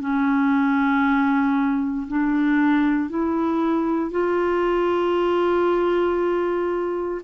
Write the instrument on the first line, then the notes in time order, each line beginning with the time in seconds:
clarinet
0.00 C#4
2.08 D4
3.09 E4
4.11 F4